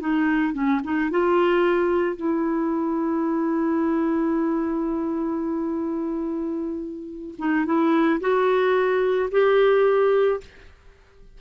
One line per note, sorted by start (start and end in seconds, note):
0.00 0.54 D#4
0.54 0.81 C#4
0.84 1.10 D#4
1.10 2.16 F4
2.16 7.35 E4
7.38 7.65 D#4
7.65 8.20 E4
8.20 9.30 F#4
9.31 10.40 G4